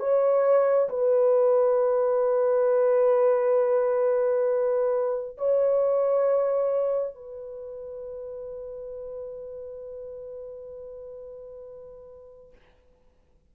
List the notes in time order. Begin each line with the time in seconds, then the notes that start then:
0.00 C#5
0.90 B4
5.38 C#5
7.15 B4